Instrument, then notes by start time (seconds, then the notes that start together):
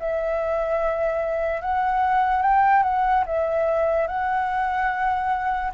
flute
0.00 E5
1.61 F#5
2.42 G5
2.83 F#5
3.26 E5
4.07 F#5